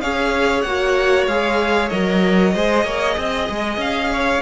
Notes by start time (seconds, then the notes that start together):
0.00 C#4 G#4 C#5 F5
0.61 A#3 F#4 F#5
1.27 G#3 G#4 F5
1.89 F#3 A#4 D#5
2.54 G#3 G#4 C5
2.84 A#3 C#5
3.17 C4 D#5
3.49 G#3
3.77 C#4 F5
4.12 C#5